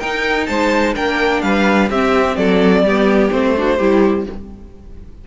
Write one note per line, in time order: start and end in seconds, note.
0.00 0.95 D#4
0.00 0.49 D#4
0.00 0.48 A#4
0.00 0.47 G5
0.47 0.97 G#3
0.47 0.95 C5
0.47 0.94 A5
0.95 1.43 A#3
0.95 1.89 D4
0.95 1.42 A#4
0.95 1.42 G5
1.42 1.90 G3
1.42 1.90 B4
1.42 1.89 F5
1.90 2.37 C4
1.90 2.87 C4
1.90 2.37 G4
1.90 2.37 E5
2.37 2.83 F#3
2.37 2.85 A4
2.37 3.31 D5
2.83 3.30 G3
2.83 3.32 B3
2.83 3.56 G4
3.31 3.80 A3
3.31 3.56 C4
3.31 4.26 C5
3.57 3.80 D4
3.57 3.78 F#4
3.78 4.27 G3
3.78 4.28 E4
3.78 4.25 G4